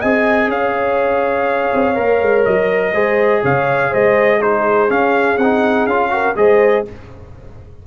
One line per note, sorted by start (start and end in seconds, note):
0.00 0.47 C4
0.00 1.95 G#4
0.00 0.49 D#5
0.00 0.50 G#5
0.47 1.69 C#4
0.47 2.93 C#5
0.47 2.45 F5
1.74 1.98 C4
1.95 2.22 A#3
1.95 2.93 A#4
2.22 2.46 G#3
2.45 2.94 F#3
2.45 3.42 D#5
2.93 3.43 G#3
2.93 4.40 G#4
2.93 3.42 C5
3.42 3.93 C#3
3.42 3.90 C#5
3.42 3.94 F5
3.90 4.90 G#3
3.90 4.39 C5
3.90 4.42 D#5
4.41 4.89 D#4
4.41 6.11 G#4
4.41 4.91 C5
4.89 5.38 C#4
4.89 5.37 C#4
4.89 5.38 F5
5.37 5.86 C4
5.37 5.90 D#4
5.37 5.87 F#5
5.86 6.35 C#4
5.86 6.10 F4
5.86 6.36 F5
6.10 6.35 F#4
6.10 6.38 A#4
6.36 6.85 G#3
6.36 6.85 G#4
6.36 6.87 C5
6.36 6.86 D#5